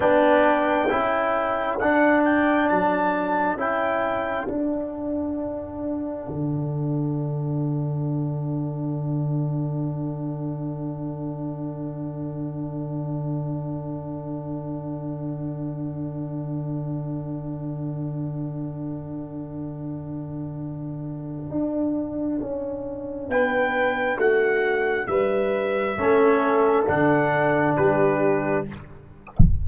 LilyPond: <<
  \new Staff \with { instrumentName = "trumpet" } { \time 4/4 \tempo 4 = 67 g''2 fis''8 g''8 a''4 | g''4 fis''2.~ | fis''1~ | fis''1~ |
fis''1~ | fis''1~ | fis''2 g''4 fis''4 | e''2 fis''4 b'4 | }
  \new Staff \with { instrumentName = "horn" } { \time 4/4 b'4 a'2.~ | a'1~ | a'1~ | a'1~ |
a'1~ | a'1~ | a'2 b'4 fis'4 | b'4 a'2 g'4 | }
  \new Staff \with { instrumentName = "trombone" } { \time 4/4 d'4 e'4 d'2 | e'4 d'2.~ | d'1~ | d'1~ |
d'1~ | d'1~ | d'1~ | d'4 cis'4 d'2 | }
  \new Staff \with { instrumentName = "tuba" } { \time 4/4 b4 cis'4 d'4 fis4 | cis'4 d'2 d4~ | d1~ | d1~ |
d1~ | d1 | d'4 cis'4 b4 a4 | g4 a4 d4 g4 | }
>>